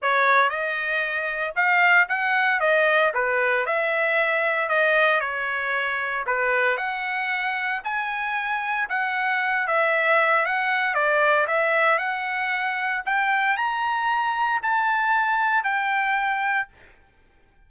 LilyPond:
\new Staff \with { instrumentName = "trumpet" } { \time 4/4 \tempo 4 = 115 cis''4 dis''2 f''4 | fis''4 dis''4 b'4 e''4~ | e''4 dis''4 cis''2 | b'4 fis''2 gis''4~ |
gis''4 fis''4. e''4. | fis''4 d''4 e''4 fis''4~ | fis''4 g''4 ais''2 | a''2 g''2 | }